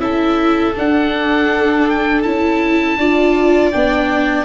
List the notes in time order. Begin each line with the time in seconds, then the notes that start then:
0.00 C#4 E4 A4 E5
0.75 D4 F#5
1.90 G5
2.22 C#4 E4 A5
2.98 D4 F4 D5
3.72 B3 D4 G5